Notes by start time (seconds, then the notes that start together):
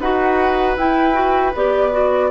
0.00 D#4 F#4 B4 F#5
0.77 E4 G5
1.13 F#4
1.55 B3 G4 D5
1.92 F#4